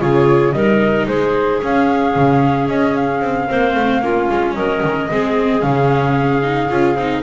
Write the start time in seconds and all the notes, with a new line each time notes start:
0.00 C#3 F4 G#4 C#5
0.52 G3 D#4 A#4 D#5
1.08 G#3 G#4 C5
1.61 C#4 F5
2.16 C#3
2.68 C#4 D#5
2.95 F5
3.21 C4
3.48 A#3 C4 C5
3.75 A3
4.02 A#3 C#4 F4
4.29 G#3
4.55 F#3 A#4 D#5
4.83 D#3
5.11 G#3 C4 G#4
5.61 C#3 C#4 F5
6.42 D#4
6.70 C#4 F4
6.96 C4 D#4